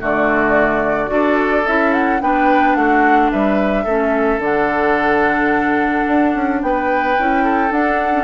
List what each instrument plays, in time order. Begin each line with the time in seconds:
0.00 bassoon D3, clarinet A3, oboe F#4, flute D5
1.07 bassoon D4, clarinet F#4, oboe A4
1.67 bassoon C#4, clarinet E4, flute E5
1.94 flute F#5
2.21 bassoon B3, clarinet D4, oboe B4, flute G5
2.75 bassoon A3, oboe F#4, flute F#5
3.31 bassoon G3, oboe B4, flute E5
3.84 bassoon A3, clarinet C#4, oboe A4
4.39 bassoon D3, clarinet D4, flute F#5
6.08 bassoon D4
6.35 bassoon C#4
6.62 bassoon B3, oboe B4, flute G5
7.19 bassoon C#4, clarinet E4
7.44 oboe A4
7.70 clarinet D4, bassoon D4, flute F#5
8.12 clarinet C#4